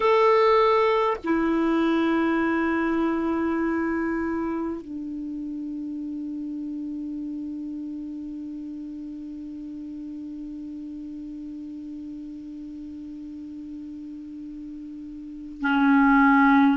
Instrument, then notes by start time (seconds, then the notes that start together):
clarinet
0.00 A4
1.23 E4
4.81 D4
15.61 C#4